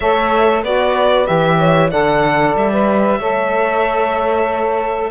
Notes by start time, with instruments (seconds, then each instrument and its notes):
0.00 cello A3, saxophone A4, horn C#5, violin E5
0.62 cello B3, saxophone F#4, horn B4, violin D5
1.25 cello E3, saxophone G4, violin E5
1.58 horn C#5
1.90 cello D3, saxophone A4, horn D5, violin F#5
2.55 cello G3, violin E5
2.71 saxophone B4
3.19 cello A3, saxophone A4, horn C#5